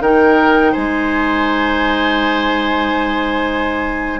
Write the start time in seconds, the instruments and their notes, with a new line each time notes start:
0.00 bassoon D#3, clarinet D#4, oboe A#4, flute G5
0.72 bassoon G#3, oboe C5, flute G#5